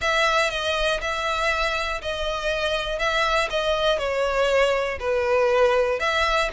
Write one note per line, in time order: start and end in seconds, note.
0.01 0.50 E5
0.50 1.00 D#5
1.01 2.01 E5
2.01 2.98 D#5
2.98 3.48 E5
3.50 3.98 D#5
3.98 4.98 C#5
4.99 5.99 B4
5.99 6.49 E5